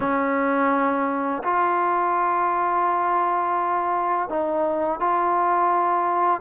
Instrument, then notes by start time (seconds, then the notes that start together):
trombone
0.00 C#4
1.43 F4
4.29 D#4
4.99 F4